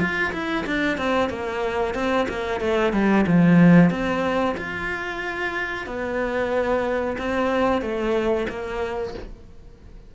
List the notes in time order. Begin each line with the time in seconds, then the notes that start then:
0.00 F4
0.33 E4
0.66 D4
0.98 C4
1.30 A#3
1.94 C4
2.29 A#3
2.60 A3
2.93 G3
3.27 F3
3.90 C4
4.57 F4
5.86 B3
7.18 C4
7.81 A3
8.49 A#3